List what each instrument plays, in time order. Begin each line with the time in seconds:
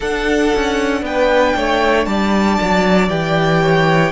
0.00 viola D4, cello D4, violin A4 F#5
0.55 cello C#4
1.02 cello B3, violin B4 G5
1.56 cello A3, violin C#5
2.05 cello G3, violin D5 A5
2.61 cello F#3
3.08 cello E3, viola G4, violin G5
3.62 violin C#5